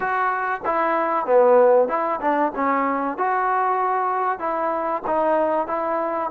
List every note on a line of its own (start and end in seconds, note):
0.00 0.61 F#4
0.65 1.26 E4
1.26 1.88 B3
1.88 2.19 E4
2.20 2.52 D4
2.55 3.17 C#4
3.17 4.39 F#4
4.39 5.02 E4
5.06 5.67 D#4
5.67 6.30 E4